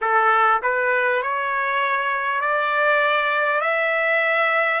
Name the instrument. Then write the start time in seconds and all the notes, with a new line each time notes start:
trumpet
0.01 A4
0.62 B4
1.22 C#5
2.40 D5
3.60 E5